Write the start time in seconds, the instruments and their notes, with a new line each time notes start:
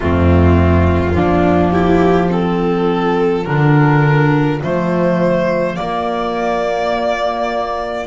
0.00 double bass F2, clarinet A3, viola C4, violin F4
1.14 double bass F3, clarinet A#3, viola D4
1.71 viola E4, violin G4
2.29 clarinet C4, viola F4, violin A4
3.44 double bass D3, clarinet D4, violin A#4
4.62 double bass F3, clarinet A3, violin C5
5.75 clarinet A#3, double bass A#3, violin D5